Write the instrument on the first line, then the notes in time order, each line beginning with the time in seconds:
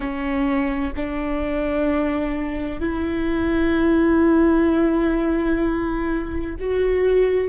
viola
0.00 C#4
0.96 D4
2.80 E4
6.59 F#4